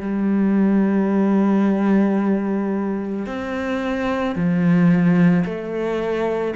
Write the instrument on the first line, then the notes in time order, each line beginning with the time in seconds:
cello
0.00 G3
3.26 C4
4.35 F3
5.44 A3